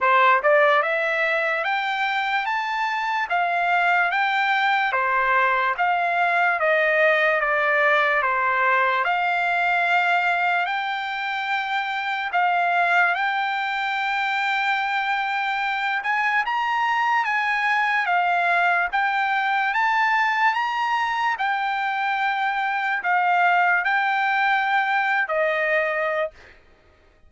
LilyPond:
\new Staff \with { instrumentName = "trumpet" } { \time 4/4 \tempo 4 = 73 c''8 d''8 e''4 g''4 a''4 | f''4 g''4 c''4 f''4 | dis''4 d''4 c''4 f''4~ | f''4 g''2 f''4 |
g''2.~ g''8 gis''8 | ais''4 gis''4 f''4 g''4 | a''4 ais''4 g''2 | f''4 g''4.~ g''16 dis''4~ dis''16 | }